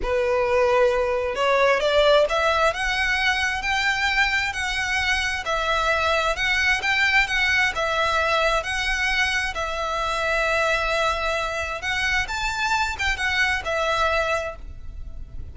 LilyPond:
\new Staff \with { instrumentName = "violin" } { \time 4/4 \tempo 4 = 132 b'2. cis''4 | d''4 e''4 fis''2 | g''2 fis''2 | e''2 fis''4 g''4 |
fis''4 e''2 fis''4~ | fis''4 e''2.~ | e''2 fis''4 a''4~ | a''8 g''8 fis''4 e''2 | }